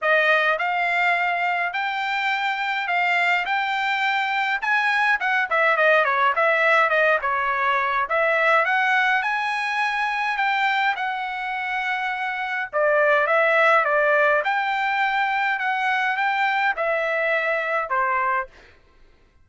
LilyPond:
\new Staff \with { instrumentName = "trumpet" } { \time 4/4 \tempo 4 = 104 dis''4 f''2 g''4~ | g''4 f''4 g''2 | gis''4 fis''8 e''8 dis''8 cis''8 e''4 | dis''8 cis''4. e''4 fis''4 |
gis''2 g''4 fis''4~ | fis''2 d''4 e''4 | d''4 g''2 fis''4 | g''4 e''2 c''4 | }